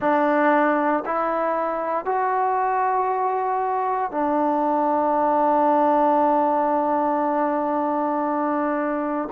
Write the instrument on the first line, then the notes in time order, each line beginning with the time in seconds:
trombone
0.00 D4
1.05 E4
2.05 F#4
4.11 D4